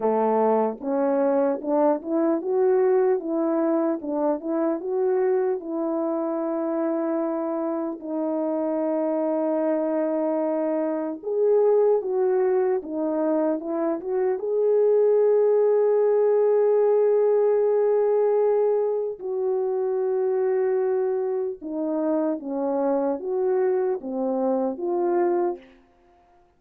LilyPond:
\new Staff \with { instrumentName = "horn" } { \time 4/4 \tempo 4 = 75 a4 cis'4 d'8 e'8 fis'4 | e'4 d'8 e'8 fis'4 e'4~ | e'2 dis'2~ | dis'2 gis'4 fis'4 |
dis'4 e'8 fis'8 gis'2~ | gis'1 | fis'2. dis'4 | cis'4 fis'4 c'4 f'4 | }